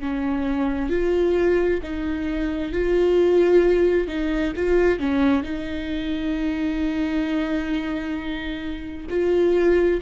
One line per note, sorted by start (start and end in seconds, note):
0.00 0.90 C#4
0.90 1.81 F4
1.83 2.73 D#4
2.73 4.08 F4
4.08 4.53 D#4
4.57 5.00 F4
5.00 5.43 C#4
5.43 9.07 D#4
9.10 10.01 F4